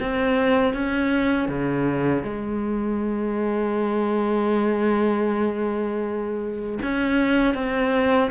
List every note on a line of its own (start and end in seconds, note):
0.00 0.74 C4
0.74 1.49 C#4
1.49 2.23 C#3
2.23 6.79 G#3
6.83 7.55 C#4
7.55 8.31 C4